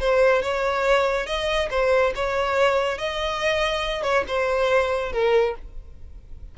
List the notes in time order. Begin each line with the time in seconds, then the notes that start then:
0.00 C5
0.42 C#5
1.26 D#5
1.70 C5
2.15 C#5
2.98 D#5
4.03 C#5
4.27 C5
5.12 A#4